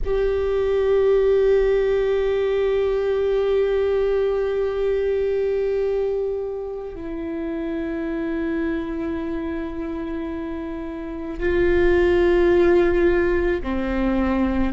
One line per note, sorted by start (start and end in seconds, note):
0.04 6.94 G4
6.94 11.39 E4
11.39 13.62 F4
13.62 14.72 C4